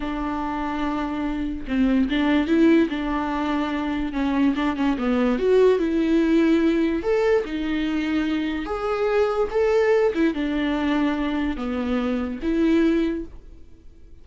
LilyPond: \new Staff \with { instrumentName = "viola" } { \time 4/4 \tempo 4 = 145 d'1 | c'4 d'4 e'4 d'4~ | d'2 cis'4 d'8 cis'8 | b4 fis'4 e'2~ |
e'4 a'4 dis'2~ | dis'4 gis'2 a'4~ | a'8 e'8 d'2. | b2 e'2 | }